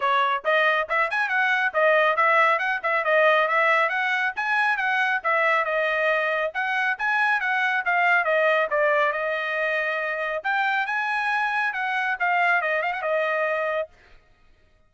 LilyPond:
\new Staff \with { instrumentName = "trumpet" } { \time 4/4 \tempo 4 = 138 cis''4 dis''4 e''8 gis''8 fis''4 | dis''4 e''4 fis''8 e''8 dis''4 | e''4 fis''4 gis''4 fis''4 | e''4 dis''2 fis''4 |
gis''4 fis''4 f''4 dis''4 | d''4 dis''2. | g''4 gis''2 fis''4 | f''4 dis''8 f''16 fis''16 dis''2 | }